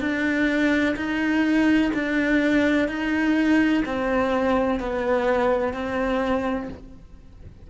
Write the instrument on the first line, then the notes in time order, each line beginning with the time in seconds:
cello
0.00 D4
0.96 D#4
1.94 D4
2.88 D#4
3.85 C4
4.80 B3
5.74 C4